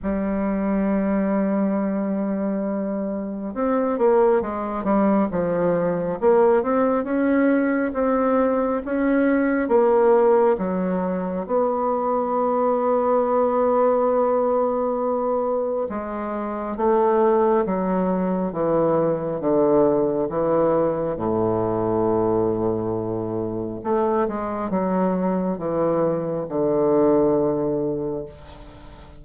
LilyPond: \new Staff \with { instrumentName = "bassoon" } { \time 4/4 \tempo 4 = 68 g1 | c'8 ais8 gis8 g8 f4 ais8 c'8 | cis'4 c'4 cis'4 ais4 | fis4 b2.~ |
b2 gis4 a4 | fis4 e4 d4 e4 | a,2. a8 gis8 | fis4 e4 d2 | }